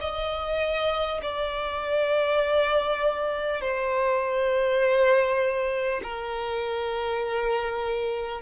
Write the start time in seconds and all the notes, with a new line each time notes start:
0.00 D#5
1.22 D5
3.61 C5
6.03 A#4